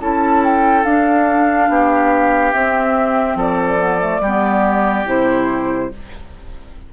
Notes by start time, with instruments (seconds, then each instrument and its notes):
0.00 bassoon C#4, clarinet E4, oboe A4, flute A5
0.44 flute G5
0.84 bassoon D4, clarinet D4, flute F5
1.69 bassoon B3, oboe G4
2.53 clarinet C4, bassoon C4, flute E5
3.36 bassoon F3, oboe A4, flute D5
3.78 clarinet B3
4.00 clarinet A3
4.20 bassoon G3, clarinet B3, oboe G4
5.05 bassoon C3, clarinet E4, flute C5